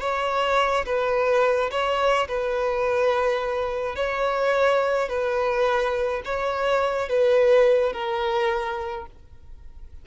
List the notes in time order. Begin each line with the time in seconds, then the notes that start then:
0.00 C#5
0.86 B4
1.71 C#5
2.28 B4
3.96 C#5
5.09 B4
6.25 C#5
7.09 B4
7.93 A#4